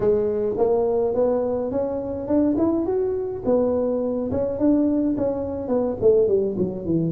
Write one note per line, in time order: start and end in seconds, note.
0.00 0.56 G#3
0.57 1.14 A#3
1.14 1.71 B3
1.71 2.27 C#4
2.27 2.56 D4
2.57 2.85 E4
2.85 3.42 F#4
3.45 4.31 B3
4.31 4.58 C#4
4.58 5.16 D4
5.17 5.68 C#4
5.68 5.96 B3
6.01 6.28 A3
6.28 6.56 G3
6.57 6.85 F#3
6.85 7.11 E3